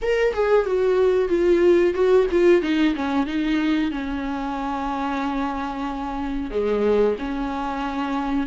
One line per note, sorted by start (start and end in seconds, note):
0.02 0.33 A#4
0.33 0.66 G#4
0.66 1.28 F#4
1.28 1.94 F4
1.94 2.26 F#4
2.31 2.61 F4
2.61 2.94 D#4
2.95 3.26 C#4
3.26 3.91 D#4
3.91 6.50 C#4
6.50 7.16 G#3
7.18 8.46 C#4